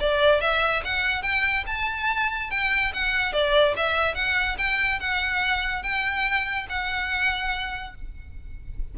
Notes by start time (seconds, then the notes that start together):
0.00 D5
0.41 E5
0.84 F#5
1.22 G5
1.67 A5
2.50 G5
2.94 F#5
3.33 D5
3.76 E5
4.15 F#5
4.58 G5
5.00 F#5
5.83 G5
6.69 F#5